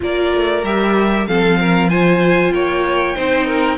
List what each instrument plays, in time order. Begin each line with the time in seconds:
0.00 cello A#3, viola F4, violin A#4 D5
0.34 cello A3
0.63 cello G3, viola G4, violin E5
1.26 cello F3, viola C4, violin A4 F5
1.59 violin A#4
1.89 viola F4, violin C5 G#5
2.51 cello A#3, violin C#5 G5
3.16 cello C4, viola D#4, violin C5
3.46 violin A#4